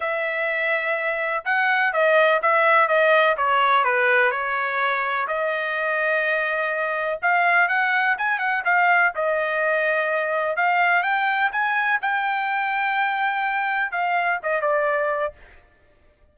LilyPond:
\new Staff \with { instrumentName = "trumpet" } { \time 4/4 \tempo 4 = 125 e''2. fis''4 | dis''4 e''4 dis''4 cis''4 | b'4 cis''2 dis''4~ | dis''2. f''4 |
fis''4 gis''8 fis''8 f''4 dis''4~ | dis''2 f''4 g''4 | gis''4 g''2.~ | g''4 f''4 dis''8 d''4. | }